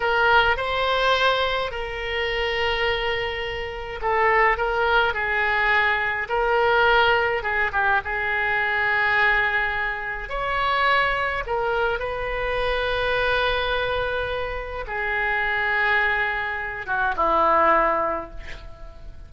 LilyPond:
\new Staff \with { instrumentName = "oboe" } { \time 4/4 \tempo 4 = 105 ais'4 c''2 ais'4~ | ais'2. a'4 | ais'4 gis'2 ais'4~ | ais'4 gis'8 g'8 gis'2~ |
gis'2 cis''2 | ais'4 b'2.~ | b'2 gis'2~ | gis'4. fis'8 e'2 | }